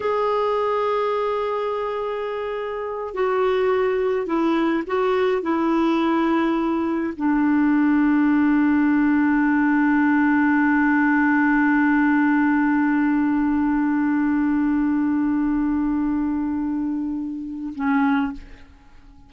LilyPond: \new Staff \with { instrumentName = "clarinet" } { \time 4/4 \tempo 4 = 105 gis'1~ | gis'4. fis'2 e'8~ | e'8 fis'4 e'2~ e'8~ | e'8 d'2.~ d'8~ |
d'1~ | d'1~ | d'1~ | d'2. cis'4 | }